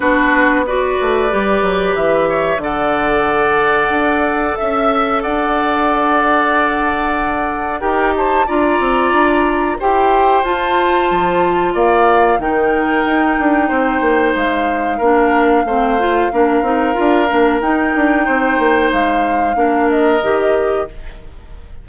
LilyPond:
<<
  \new Staff \with { instrumentName = "flute" } { \time 4/4 \tempo 4 = 92 b'4 d''2 e''4 | fis''2. e''4 | fis''1 | g''8 a''8 ais''2 g''4 |
a''2 f''4 g''4~ | g''2 f''2~ | f''2. g''4~ | g''4 f''4. dis''4. | }
  \new Staff \with { instrumentName = "oboe" } { \time 4/4 fis'4 b'2~ b'8 cis''8 | d''2. e''4 | d''1 | ais'8 c''8 d''2 c''4~ |
c''2 d''4 ais'4~ | ais'4 c''2 ais'4 | c''4 ais'2. | c''2 ais'2 | }
  \new Staff \with { instrumentName = "clarinet" } { \time 4/4 d'4 fis'4 g'2 | a'1~ | a'1 | g'4 f'2 g'4 |
f'2. dis'4~ | dis'2. d'4 | c'8 f'8 d'8 dis'8 f'8 d'8 dis'4~ | dis'2 d'4 g'4 | }
  \new Staff \with { instrumentName = "bassoon" } { \time 4/4 b4. a8 g8 fis8 e4 | d2 d'4 cis'4 | d'1 | dis'4 d'8 c'8 d'4 e'4 |
f'4 f4 ais4 dis4 | dis'8 d'8 c'8 ais8 gis4 ais4 | a4 ais8 c'8 d'8 ais8 dis'8 d'8 | c'8 ais8 gis4 ais4 dis4 | }
>>